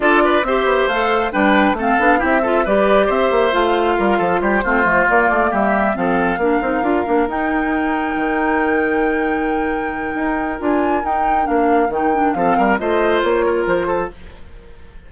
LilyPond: <<
  \new Staff \with { instrumentName = "flute" } { \time 4/4 \tempo 4 = 136 d''4 e''4 f''4 g''4 | f''4 e''4 d''4 e''4 | f''2 c''4. d''8~ | d''8 e''4 f''2~ f''8~ |
f''8 g''2.~ g''8~ | g''1 | gis''4 g''4 f''4 g''4 | f''4 dis''4 cis''4 c''4 | }
  \new Staff \with { instrumentName = "oboe" } { \time 4/4 a'8 b'8 c''2 b'4 | a'4 g'8 a'8 b'4 c''4~ | c''4 ais'8 a'8 g'8 f'4.~ | f'8 g'4 a'4 ais'4.~ |
ais'1~ | ais'1~ | ais'1 | a'8 ais'8 c''4. ais'4 a'8 | }
  \new Staff \with { instrumentName = "clarinet" } { \time 4/4 f'4 g'4 a'4 d'4 | c'8 d'8 e'8 f'8 g'2 | f'2~ f'8 c'8 a8 ais8~ | ais4. c'4 d'8 dis'8 f'8 |
d'8 dis'2.~ dis'8~ | dis'1 | f'4 dis'4 d'4 dis'8 d'8 | c'4 f'2. | }
  \new Staff \with { instrumentName = "bassoon" } { \time 4/4 d'4 c'8 b8 a4 g4 | a8 b8 c'4 g4 c'8 ais8 | a4 g8 f8 g8 a8 f8 ais8 | a8 g4 f4 ais8 c'8 d'8 |
ais8 dis'2 dis4.~ | dis2. dis'4 | d'4 dis'4 ais4 dis4 | f8 g8 a4 ais4 f4 | }
>>